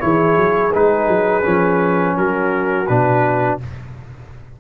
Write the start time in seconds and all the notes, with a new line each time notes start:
0.00 E3 E4 G#4 C#5
0.37 F#3
0.73 G#3 D#4 B4
1.08 F#3
1.43 F3 C#4
2.17 F#3 F#4 A#4
2.87 B2 D4 B4